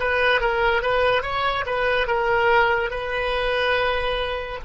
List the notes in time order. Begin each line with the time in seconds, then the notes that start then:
0.00 B4
0.41 A#4
0.82 B4
1.23 C#5
1.66 B4
2.07 A#4
2.90 B4